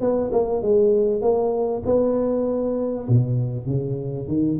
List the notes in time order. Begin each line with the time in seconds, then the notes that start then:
0.00 B3
0.32 A#3
0.62 G#3
1.21 A#3
1.85 B3
3.08 B2
3.66 C#3
4.27 D#3